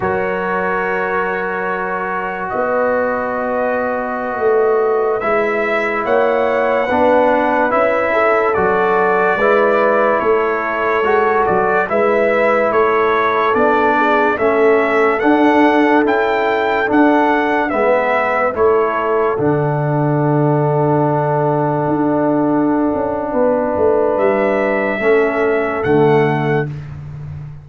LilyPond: <<
  \new Staff \with { instrumentName = "trumpet" } { \time 4/4 \tempo 4 = 72 cis''2. dis''4~ | dis''2~ dis''16 e''4 fis''8.~ | fis''4~ fis''16 e''4 d''4.~ d''16~ | d''16 cis''4. d''8 e''4 cis''8.~ |
cis''16 d''4 e''4 fis''4 g''8.~ | g''16 fis''4 e''4 cis''4 fis''8.~ | fis''1~ | fis''4 e''2 fis''4 | }
  \new Staff \with { instrumentName = "horn" } { \time 4/4 ais'2. b'4~ | b'2.~ b'16 cis''8.~ | cis''16 b'4. a'4. b'8.~ | b'16 a'2 b'4 a'8.~ |
a'8. gis'8 a'2~ a'8.~ | a'4~ a'16 b'4 a'4.~ a'16~ | a'1 | b'2 a'2 | }
  \new Staff \with { instrumentName = "trombone" } { \time 4/4 fis'1~ | fis'2~ fis'16 e'4.~ e'16~ | e'16 d'4 e'4 fis'4 e'8.~ | e'4~ e'16 fis'4 e'4.~ e'16~ |
e'16 d'4 cis'4 d'4 e'8.~ | e'16 d'4 b4 e'4 d'8.~ | d'1~ | d'2 cis'4 a4 | }
  \new Staff \with { instrumentName = "tuba" } { \time 4/4 fis2. b4~ | b4~ b16 a4 gis4 ais8.~ | ais16 b4 cis'4 fis4 gis8.~ | gis16 a4 gis8 fis8 gis4 a8.~ |
a16 b4 a4 d'4 cis'8.~ | cis'16 d'4 gis4 a4 d8.~ | d2~ d16 d'4~ d'16 cis'8 | b8 a8 g4 a4 d4 | }
>>